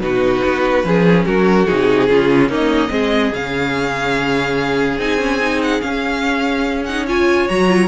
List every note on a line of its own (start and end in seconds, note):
0.00 0.41 B2
0.00 0.84 D#4
0.00 0.86 F#4
0.00 1.25 B4
0.45 0.84 B3
0.84 1.25 F3
0.84 1.66 C#4
0.84 1.26 G#4
1.25 1.68 F#3
1.25 2.09 F#4
1.25 1.67 A#4
1.67 2.10 C3
1.67 2.08 D#4
1.67 2.50 G#4
2.08 2.48 C#3
2.08 2.50 C#4
2.08 2.50 F4
2.48 2.90 A#3
2.48 2.90 C#4
2.48 2.91 D#4
2.54 3.34 D#5
2.90 3.32 G#3
2.90 3.31 C4
2.90 7.06 G#4
3.33 4.98 C#3
3.33 5.00 C#4
3.33 5.00 F5
4.98 5.81 C4
4.98 5.19 D#4
4.98 5.62 G#5
5.19 5.39 C#4
5.41 5.81 D#4
5.63 5.81 F#5
5.81 6.85 C#4
5.81 7.48 C#4
5.81 6.85 F5
6.85 7.08 D#4
6.85 7.06 F#5
7.06 7.49 F4
7.06 7.88 C#5
7.06 7.49 G#5
7.49 7.88 F#3
7.49 7.68 F#4
7.49 7.88 A#5
7.68 7.88 F4